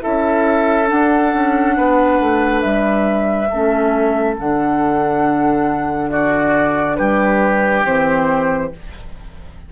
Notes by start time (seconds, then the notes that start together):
0.00 C#4 E4 A4 E5
0.86 D4 F#5
0.92 D4
1.34 C#4
1.77 B3 B4
2.20 A3
2.61 G3 E5
3.50 A3 C#4 A4
4.37 D3 D4 F#5
6.10 F#4 D5
6.96 G3 G4 B4
7.84 E3 C4 C5